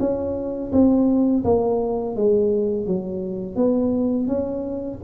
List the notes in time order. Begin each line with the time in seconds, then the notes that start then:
0.00 C#4
0.72 C4
1.44 A#3
2.16 G#3
2.87 F#3
3.56 B3
4.27 C#4